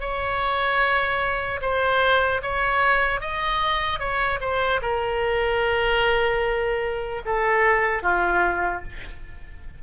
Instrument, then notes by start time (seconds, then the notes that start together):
oboe
0.00 C#5
1.61 C5
2.42 C#5
3.21 D#5
3.99 C#5
4.41 C5
4.82 A#4
7.25 A4
8.03 F4